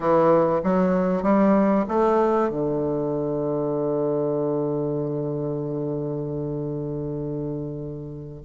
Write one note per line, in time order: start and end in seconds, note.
0.00 0.61 E3
0.63 1.22 F#3
1.22 1.85 G3
1.88 2.49 A3
2.49 8.43 D3